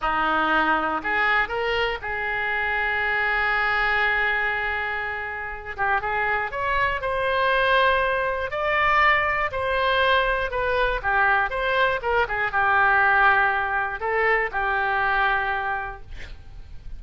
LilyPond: \new Staff \with { instrumentName = "oboe" } { \time 4/4 \tempo 4 = 120 dis'2 gis'4 ais'4 | gis'1~ | gis'2.~ gis'8 g'8 | gis'4 cis''4 c''2~ |
c''4 d''2 c''4~ | c''4 b'4 g'4 c''4 | ais'8 gis'8 g'2. | a'4 g'2. | }